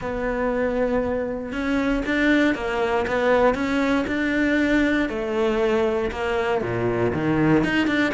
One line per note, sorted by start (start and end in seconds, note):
0.01 1.52 B3
1.52 2.03 C#4
2.05 2.54 D4
2.54 3.05 A#3
3.07 3.54 B3
3.54 4.05 C#4
4.07 5.09 D4
5.09 6.10 A3
6.11 6.61 A#3
6.61 7.12 A#2
7.13 7.64 D#3
7.64 7.87 D#4
7.87 8.12 D4